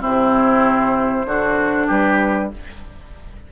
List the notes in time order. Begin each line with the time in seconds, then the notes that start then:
0.00 C3 C4 E4 C5
1.25 D3 D4 F#4
1.87 G3 G4 B4